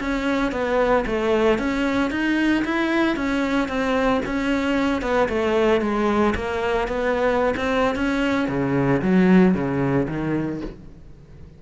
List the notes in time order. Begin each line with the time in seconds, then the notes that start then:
0.00 C#4
0.52 B3
1.06 A3
1.59 C#4
2.11 D#4
2.65 E4
3.16 C#4
3.68 C4
4.25 C#4
5.02 B3
5.29 A3
5.81 G#3
6.35 A#3
6.88 B3
7.57 C4
7.95 C#4
8.48 C#3
9.02 F#3
9.54 C#3
10.08 D#3